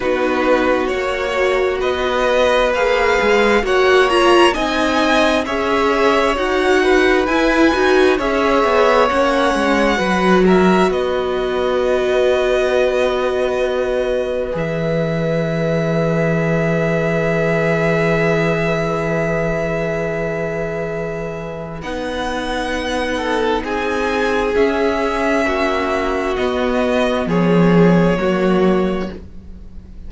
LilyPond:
<<
  \new Staff \with { instrumentName = "violin" } { \time 4/4 \tempo 4 = 66 b'4 cis''4 dis''4 f''4 | fis''8 ais''8 gis''4 e''4 fis''4 | gis''4 e''4 fis''4. e''8 | dis''1 |
e''1~ | e''1 | fis''2 gis''4 e''4~ | e''4 dis''4 cis''2 | }
  \new Staff \with { instrumentName = "violin" } { \time 4/4 fis'2 b'2 | cis''4 dis''4 cis''4. b'8~ | b'4 cis''2 b'8 ais'8 | b'1~ |
b'1~ | b'1~ | b'4. a'8 gis'2 | fis'2 gis'4 fis'4 | }
  \new Staff \with { instrumentName = "viola" } { \time 4/4 dis'4 fis'2 gis'4 | fis'8 f'8 dis'4 gis'4 fis'4 | e'8 fis'8 gis'4 cis'4 fis'4~ | fis'1 |
gis'1~ | gis'1 | dis'2. cis'4~ | cis'4 b2 ais4 | }
  \new Staff \with { instrumentName = "cello" } { \time 4/4 b4 ais4 b4 ais8 gis8 | ais4 c'4 cis'4 dis'4 | e'8 dis'8 cis'8 b8 ais8 gis8 fis4 | b1 |
e1~ | e1 | b2 c'4 cis'4 | ais4 b4 f4 fis4 | }
>>